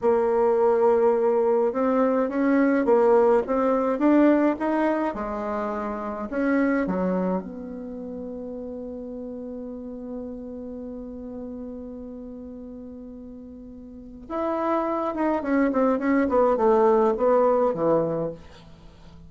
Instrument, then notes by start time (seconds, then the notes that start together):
bassoon
0.01 A#3
1.72 C4
2.29 C#4
2.85 A#3
3.46 C4
3.98 D4
4.59 D#4
5.14 G#3
6.30 C#4
6.86 F#3
7.41 B3
14.29 E4
15.14 D#4
15.42 C#4
15.72 C4
15.98 C#4
16.28 B3
16.57 A3
17.17 B3
17.74 E3